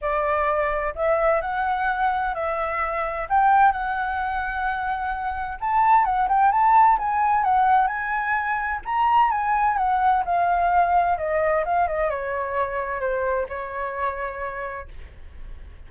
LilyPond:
\new Staff \with { instrumentName = "flute" } { \time 4/4 \tempo 4 = 129 d''2 e''4 fis''4~ | fis''4 e''2 g''4 | fis''1 | a''4 fis''8 g''8 a''4 gis''4 |
fis''4 gis''2 ais''4 | gis''4 fis''4 f''2 | dis''4 f''8 dis''8 cis''2 | c''4 cis''2. | }